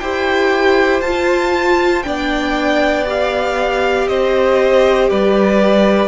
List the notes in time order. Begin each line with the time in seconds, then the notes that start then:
0.00 E4 G4 C5 G5
1.01 F4 A5
2.03 B3 D4 D5 G5
3.06 G4 F5
4.08 C4 C5 D#5
5.10 G3 B4 D5